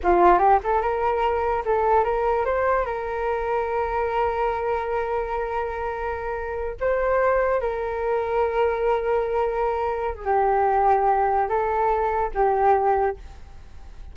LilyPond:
\new Staff \with { instrumentName = "flute" } { \time 4/4 \tempo 4 = 146 f'4 g'8 a'8 ais'2 | a'4 ais'4 c''4 ais'4~ | ais'1~ | ais'1~ |
ais'8 c''2 ais'4.~ | ais'1~ | ais'8. gis'16 g'2. | a'2 g'2 | }